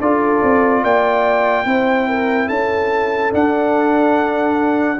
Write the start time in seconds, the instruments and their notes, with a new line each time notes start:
0.00 tuba D4, trombone F4, horn A4, trumpet D5
0.43 tuba C4
0.82 tuba A#3, horn D5, trumpet G5
1.65 tuba C4, trombone E4, horn C5
2.09 horn A#4
2.47 tuba C#4, horn A4, trumpet A5
3.31 trombone D4, tuba D4, trumpet F#5